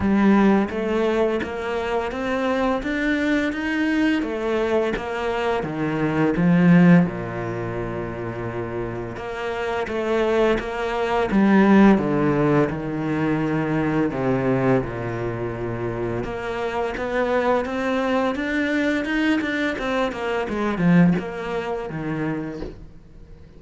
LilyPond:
\new Staff \with { instrumentName = "cello" } { \time 4/4 \tempo 4 = 85 g4 a4 ais4 c'4 | d'4 dis'4 a4 ais4 | dis4 f4 ais,2~ | ais,4 ais4 a4 ais4 |
g4 d4 dis2 | c4 ais,2 ais4 | b4 c'4 d'4 dis'8 d'8 | c'8 ais8 gis8 f8 ais4 dis4 | }